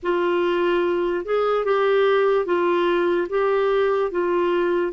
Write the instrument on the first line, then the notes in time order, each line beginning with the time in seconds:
clarinet
0.02 F4
1.25 G#4
1.64 G4
2.45 F4
3.29 G4
4.11 F4